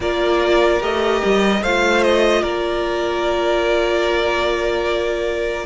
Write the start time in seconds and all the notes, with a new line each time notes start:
0.00 A#3 F4 A#4 D5
0.80 A3 G4 D#5
1.24 G3
1.62 A3 F4 C5 F5
2.02 D#5
2.42 A#3 A#4 D5